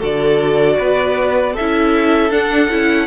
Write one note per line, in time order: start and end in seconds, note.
0.00 0.79 D3
0.00 1.54 F#4
0.00 0.77 A4
0.00 1.56 D5
0.79 1.57 B3
0.79 1.53 B4
1.53 3.07 A4
1.53 2.32 E5
1.60 2.31 C#4
1.60 2.31 E4
2.31 2.69 D4
2.31 3.08 F#5
2.70 3.08 C#4
2.70 3.08 E4